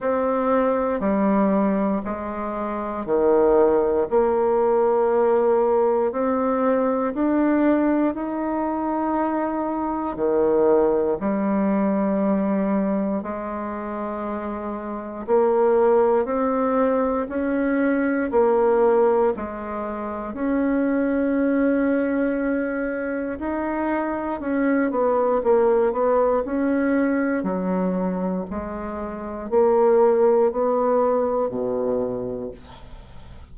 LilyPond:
\new Staff \with { instrumentName = "bassoon" } { \time 4/4 \tempo 4 = 59 c'4 g4 gis4 dis4 | ais2 c'4 d'4 | dis'2 dis4 g4~ | g4 gis2 ais4 |
c'4 cis'4 ais4 gis4 | cis'2. dis'4 | cis'8 b8 ais8 b8 cis'4 fis4 | gis4 ais4 b4 b,4 | }